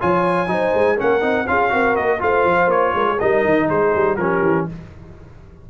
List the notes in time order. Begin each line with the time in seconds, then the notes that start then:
0.00 F3 F4 C#5 G#5
0.47 F#3 D#4 C5
0.74 G#3
0.97 A#3 C#4 A#4 F#5
1.21 C4 D#4
1.47 C#4 F4 G#4 F5
1.70 C4 F#4 A#4
1.96 A#3 D#5
2.19 A3 F4 C5 F5
2.45 F3
2.67 A#3 C#5
2.95 G#3 A#4
3.07 G#4
3.18 G3 D#4 A#4 D#5
3.45 D#3
3.69 G#3 G#4 C5
3.95 G3
4.16 F3 C#4 G4 A#4
4.42 E3